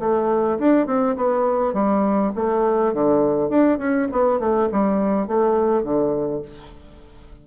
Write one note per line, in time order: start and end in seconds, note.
0.00 0.59 A3
0.59 0.87 D4
0.87 1.17 C4
1.17 1.74 B3
1.74 2.33 G3
2.36 2.94 A3
2.94 3.50 D3
3.50 3.79 D4
3.79 4.08 C#4
4.12 4.40 B3
4.40 4.69 A3
4.72 5.28 G3
5.28 5.84 A3
5.84 6.43 D3